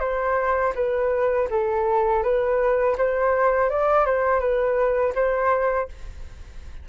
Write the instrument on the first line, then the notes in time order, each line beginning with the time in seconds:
flute
0.00 C5
0.75 B4
1.50 A4
2.23 B4
2.98 C5
3.70 D5
4.06 C5
4.40 B4
5.15 C5